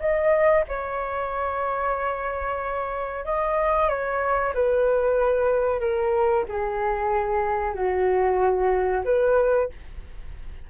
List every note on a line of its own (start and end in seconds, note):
0.00 0.65 D#5
0.68 3.25 C#5
3.25 3.89 D#5
3.89 4.54 C#5
4.55 5.80 B4
5.80 6.45 A#4
6.49 7.75 G#4
7.75 9.04 F#4
9.05 9.69 B4